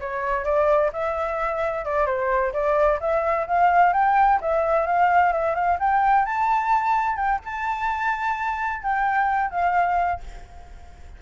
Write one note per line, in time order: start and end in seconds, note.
0.00 0.45 C#5
0.45 0.91 D5
0.93 1.85 E5
1.85 2.06 D5
2.06 2.53 C5
2.53 2.99 D5
3.00 3.47 E5
3.47 3.93 F5
3.93 4.40 G5
4.41 4.86 E5
4.86 5.32 F5
5.32 5.55 E5
5.55 5.78 F5
5.79 6.25 G5
6.25 7.16 A5
7.16 7.39 G5
7.45 8.82 A5
8.82 9.51 G5
9.51 10.20 F5